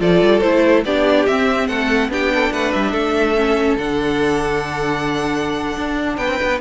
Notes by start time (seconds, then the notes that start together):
0.00 F3 F4 A4 D5
0.22 G3
0.41 A3 E4 C5
0.85 B3 D4 G4 D5
1.27 C4 E5
1.68 A3 A4 F#5
2.09 B3 D4 G4 G5
2.34 A4
2.52 A3 B4 F#5
2.72 G3 E5
2.91 A3 A4
3.36 C#4
3.78 D3 D4 F#5
5.77 D4
6.17 B3 B4 G5
6.28 C4
6.43 B3